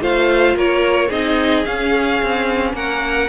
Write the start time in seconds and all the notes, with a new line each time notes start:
0.00 A3 F4 C5 F5
0.56 A#3 A#4 C#5
1.09 C4 D#4 G#4 D#5
1.65 C#4 F5
2.23 C4
2.74 A#3 A#4 F#5